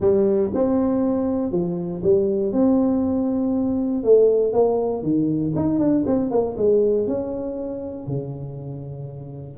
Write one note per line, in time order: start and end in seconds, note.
0.00 0.51 G3
0.54 1.51 C4
1.51 2.02 F3
2.03 2.52 G3
2.52 4.03 C4
4.03 4.52 A3
4.52 5.03 A#3
5.03 5.53 D#3
5.55 5.79 D#4
5.79 6.04 D4
6.06 6.30 C4
6.30 6.56 A#3
6.57 7.07 G#3
7.07 8.06 C#4
8.06 9.58 C#3